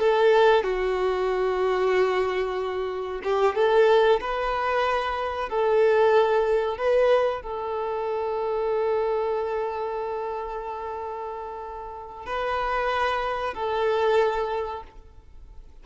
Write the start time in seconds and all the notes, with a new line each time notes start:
0.00 A4
0.64 F#4
3.24 G4
3.56 A4
4.21 B4
5.50 A4
6.78 B4
7.43 A4
12.26 B4
13.55 A4